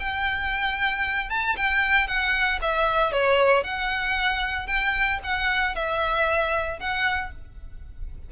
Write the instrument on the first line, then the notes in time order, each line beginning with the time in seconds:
violin
0.00 G5
1.30 A5
1.57 G5
2.08 F#5
2.62 E5
3.13 C#5
3.64 F#5
4.67 G5
5.24 F#5
5.76 E5
6.80 F#5